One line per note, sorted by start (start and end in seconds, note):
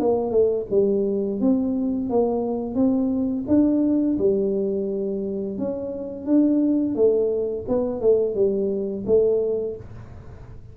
0.00 0.31 A#3
0.31 0.66 A3
0.71 1.41 G3
1.41 2.10 C4
2.10 2.76 A#3
2.76 3.45 C4
3.48 4.18 D4
4.19 5.58 G3
5.58 6.26 C#4
6.26 6.96 D4
6.96 7.66 A3
7.68 8.01 B3
8.01 8.35 A3
8.35 9.05 G3
9.07 9.76 A3